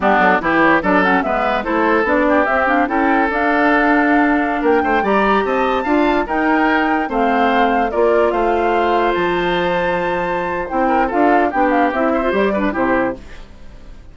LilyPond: <<
  \new Staff \with { instrumentName = "flute" } { \time 4/4 \tempo 4 = 146 g'8 a'8 b'8 cis''8 d''8 fis''8 e''4 | c''4 d''4 e''8 f''8 g''4 | f''2.~ f''16 g''8.~ | g''16 ais''4 a''2 g''8.~ |
g''4~ g''16 f''2 d''8.~ | d''16 f''2 a''4.~ a''16~ | a''2 g''4 f''4 | g''8 f''8 e''4 d''4 c''4 | }
  \new Staff \with { instrumentName = "oboe" } { \time 4/4 d'4 g'4 a'4 b'4 | a'4. g'4. a'4~ | a'2.~ a'16 ais'8 c''16~ | c''16 d''4 dis''4 f''4 ais'8.~ |
ais'4~ ais'16 c''2 ais'8.~ | ais'16 c''2.~ c''8.~ | c''2~ c''8 ais'8 a'4 | g'4. c''4 b'8 g'4 | }
  \new Staff \with { instrumentName = "clarinet" } { \time 4/4 b4 e'4 d'8 cis'8 b4 | e'4 d'4 c'8 d'8 e'4 | d'1~ | d'16 g'2 f'4 dis'8.~ |
dis'4~ dis'16 c'2 f'8.~ | f'1~ | f'2 e'4 f'4 | d'4 e'8. f'16 g'8 d'8 e'4 | }
  \new Staff \with { instrumentName = "bassoon" } { \time 4/4 g8 fis8 e4 fis4 gis4 | a4 b4 c'4 cis'4 | d'2.~ d'16 ais8 a16~ | a16 g4 c'4 d'4 dis'8.~ |
dis'4~ dis'16 a2 ais8.~ | ais16 a2 f4.~ f16~ | f2 c'4 d'4 | b4 c'4 g4 c4 | }
>>